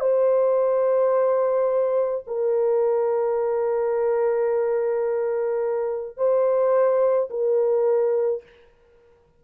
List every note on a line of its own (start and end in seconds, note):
0.00 2.24 C5
2.26 6.17 A#4
6.17 7.29 C5
7.30 8.42 A#4